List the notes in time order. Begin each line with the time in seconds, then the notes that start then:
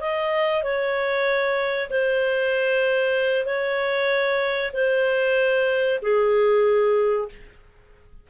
0.00 D#5
0.63 C#5
1.89 C5
3.45 C#5
4.73 C5
6.02 G#4